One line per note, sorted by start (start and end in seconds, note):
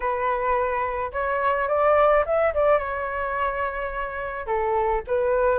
0.00 1.11 B4
1.12 1.68 C#5
1.68 2.24 D5
2.25 2.53 E5
2.54 2.78 D5
2.78 4.46 C#5
4.46 5.02 A4
5.07 5.58 B4